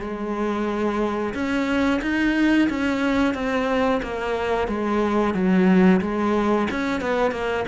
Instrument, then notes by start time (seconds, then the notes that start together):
cello
0.00 G#3
1.34 C#4
2.02 D#4
2.69 C#4
3.34 C4
4.03 A#3
4.68 G#3
5.34 F#3
6.01 G#3
6.70 C#4
7.01 B3
7.31 A#3